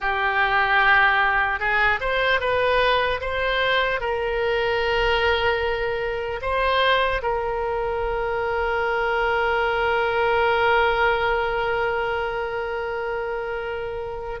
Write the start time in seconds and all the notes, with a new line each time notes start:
0.00 G4
1.59 G#4
2.00 C5
2.40 B4
3.20 C5
4.00 A#4
6.41 C5
7.22 A#4